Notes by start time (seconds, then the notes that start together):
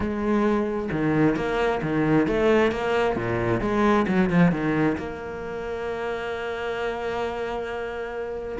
0.00 G#3
0.91 D#3
1.36 A#3
1.82 D#3
2.27 A3
2.71 A#3
3.16 A#2
3.60 G#3
4.07 F#3
4.29 F3
4.51 D#3
4.97 A#3